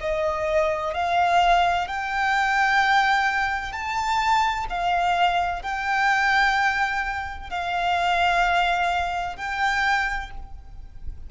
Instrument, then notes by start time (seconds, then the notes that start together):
violin
0.00 D#5
0.94 F5
1.87 G5
3.72 A5
4.69 F5
5.62 G5
7.50 F5
9.36 G5